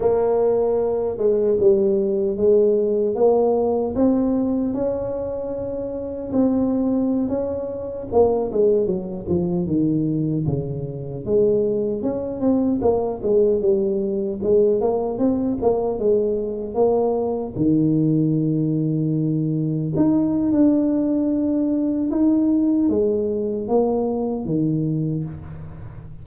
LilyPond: \new Staff \with { instrumentName = "tuba" } { \time 4/4 \tempo 4 = 76 ais4. gis8 g4 gis4 | ais4 c'4 cis'2 | c'4~ c'16 cis'4 ais8 gis8 fis8 f16~ | f16 dis4 cis4 gis4 cis'8 c'16~ |
c'16 ais8 gis8 g4 gis8 ais8 c'8 ais16~ | ais16 gis4 ais4 dis4.~ dis16~ | dis4~ dis16 dis'8. d'2 | dis'4 gis4 ais4 dis4 | }